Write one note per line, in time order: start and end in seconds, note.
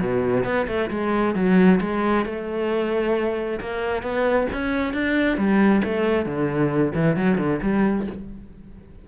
0.00 0.44 B2
0.44 0.66 B3
0.67 0.90 A3
0.90 1.35 G#3
1.35 1.80 F#3
1.81 2.25 G#3
2.25 3.60 A3
3.60 4.02 A#3
4.02 4.47 B3
4.53 4.93 C#4
4.93 5.37 D4
5.37 5.82 G3
5.84 6.26 A3
6.26 6.93 D3
6.95 7.16 E3
7.16 7.38 F#3
7.38 7.60 D3
7.62 8.07 G3